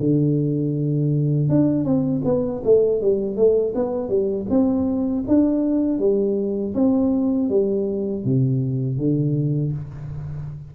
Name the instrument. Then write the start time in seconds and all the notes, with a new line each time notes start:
tuba
0.00 D3
1.49 D4
1.84 C4
2.25 B3
2.64 A3
3.02 G3
3.36 A3
3.75 B3
4.09 G3
4.50 C4
5.28 D4
5.99 G3
6.75 C4
7.50 G3
8.25 C3
8.98 D3